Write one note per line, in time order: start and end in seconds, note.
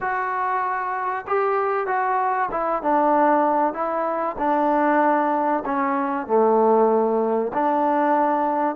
0.00 1.25 F#4
1.27 1.86 G4
1.86 2.49 F#4
2.51 2.82 E4
2.82 3.73 D4
3.73 4.36 E4
4.38 5.63 D4
5.65 6.26 C#4
6.26 7.51 A3
7.53 8.75 D4